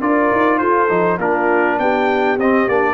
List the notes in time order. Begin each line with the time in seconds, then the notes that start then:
0.00 D4 F4 A#4 D5
0.32 D#4
0.58 F4 A4 C5
0.89 F3 D#4
1.18 A#3 D4 F4 A#4
1.79 B3 G4 G5
2.38 C4 D#5
2.68 A#3 D4 D5